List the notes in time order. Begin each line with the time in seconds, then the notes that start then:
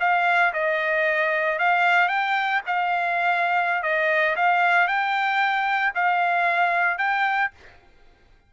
0.00 F5
0.53 D#5
1.59 F5
2.08 G5
2.66 F5
3.83 D#5
4.36 F5
4.88 G5
5.94 F5
6.98 G5